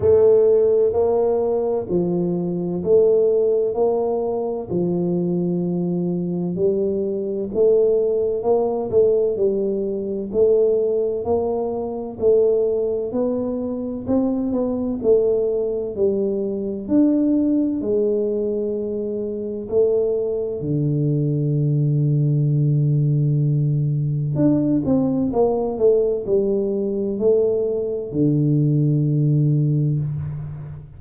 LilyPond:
\new Staff \with { instrumentName = "tuba" } { \time 4/4 \tempo 4 = 64 a4 ais4 f4 a4 | ais4 f2 g4 | a4 ais8 a8 g4 a4 | ais4 a4 b4 c'8 b8 |
a4 g4 d'4 gis4~ | gis4 a4 d2~ | d2 d'8 c'8 ais8 a8 | g4 a4 d2 | }